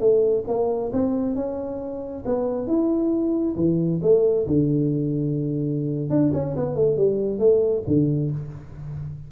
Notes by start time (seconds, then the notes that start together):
0.00 A3
0.48 A#3
0.93 C4
1.36 C#4
2.26 B3
2.67 E4
3.57 E3
4.02 A3
4.47 D3
6.10 D4
6.34 C#4
6.57 B3
6.76 A3
6.97 G3
7.39 A3
7.87 D3